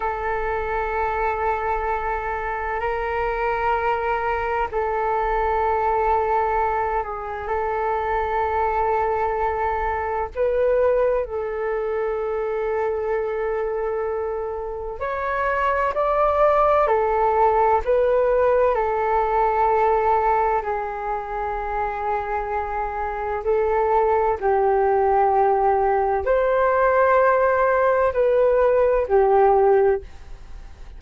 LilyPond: \new Staff \with { instrumentName = "flute" } { \time 4/4 \tempo 4 = 64 a'2. ais'4~ | ais'4 a'2~ a'8 gis'8 | a'2. b'4 | a'1 |
cis''4 d''4 a'4 b'4 | a'2 gis'2~ | gis'4 a'4 g'2 | c''2 b'4 g'4 | }